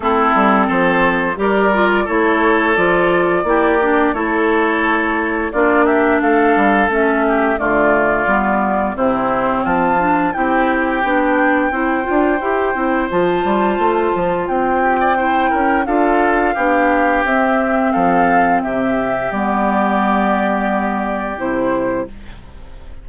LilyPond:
<<
  \new Staff \with { instrumentName = "flute" } { \time 4/4 \tempo 4 = 87 a'4 c''4 d''4 cis''4 | d''2 cis''2 | d''8 e''8 f''4 e''4 d''4~ | d''4 c''4 a''4 g''4~ |
g''2. a''4~ | a''4 g''2 f''4~ | f''4 e''4 f''4 e''4 | d''2. c''4 | }
  \new Staff \with { instrumentName = "oboe" } { \time 4/4 e'4 a'4 ais'4 a'4~ | a'4 g'4 a'2 | f'8 g'8 a'4. g'8 f'4~ | f'4 e'4 f'4 g'4~ |
g'4 c''2.~ | c''4. g'16 d''16 c''8 ais'8 a'4 | g'2 a'4 g'4~ | g'1 | }
  \new Staff \with { instrumentName = "clarinet" } { \time 4/4 c'2 g'8 f'8 e'4 | f'4 e'8 d'8 e'2 | d'2 cis'4 a4 | b4 c'4. d'8 e'4 |
d'4 e'8 f'8 g'8 e'8 f'4~ | f'2 e'4 f'4 | d'4 c'2. | b2. e'4 | }
  \new Staff \with { instrumentName = "bassoon" } { \time 4/4 a8 g8 f4 g4 a4 | f4 ais4 a2 | ais4 a8 g8 a4 d4 | g4 c4 f4 c'4 |
b4 c'8 d'8 e'8 c'8 f8 g8 | a8 f8 c'4. cis'8 d'4 | b4 c'4 f4 c4 | g2. c4 | }
>>